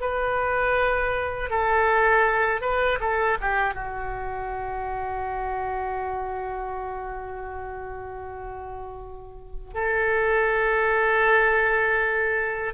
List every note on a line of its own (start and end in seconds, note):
0.00 1.50 B4
1.50 2.61 A4
2.61 2.98 B4
3.00 3.37 A4
3.41 3.74 G4
3.74 9.74 F#4
9.74 12.74 A4